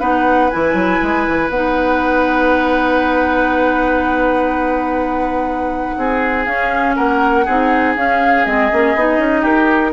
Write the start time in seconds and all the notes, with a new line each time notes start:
0.00 B3 D#4 B4 F#5
0.50 E3 E4 G#5
0.74 F#3
1.03 G#3
1.28 E3
1.49 B3 D#4 F#5
5.97 C4 G#4
6.46 C#4 F5
6.96 A#3 A#4 F#5
7.45 C4 D#4 G#4
7.96 C#4 F5
8.45 G#3 C4 D#5
8.72 A#3 C#4
8.95 B3 D#4
9.18 C#4
9.41 D#4 G4 A#4